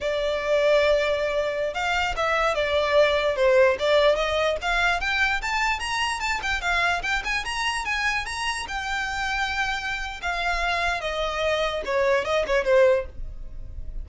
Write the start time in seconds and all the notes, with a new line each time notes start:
0.00 D5
1.73 F5
2.16 E5
2.55 D5
3.36 C5
3.79 D5
4.15 D#5
4.61 F5
5.00 G5
5.41 A5
5.79 A#5
6.19 A5
6.42 G5
6.61 F5
7.02 G5
7.24 G#5
7.45 A#5
7.85 G#5
8.25 A#5
8.67 G5
10.22 F5
11.01 D#5
11.85 C#5
12.24 D#5
12.47 C#5
12.64 C5